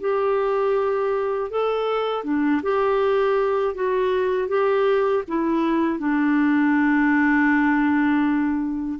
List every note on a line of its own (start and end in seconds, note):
0.00 1.50 G4
1.50 2.24 A4
2.24 2.61 D4
2.62 3.74 G4
3.74 4.48 F#4
4.48 5.23 G4
5.27 5.99 E4
5.99 8.99 D4